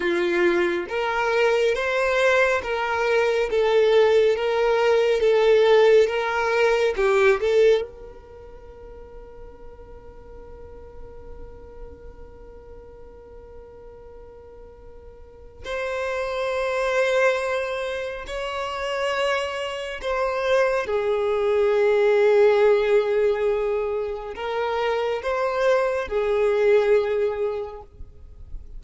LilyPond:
\new Staff \with { instrumentName = "violin" } { \time 4/4 \tempo 4 = 69 f'4 ais'4 c''4 ais'4 | a'4 ais'4 a'4 ais'4 | g'8 a'8 ais'2.~ | ais'1~ |
ais'2 c''2~ | c''4 cis''2 c''4 | gis'1 | ais'4 c''4 gis'2 | }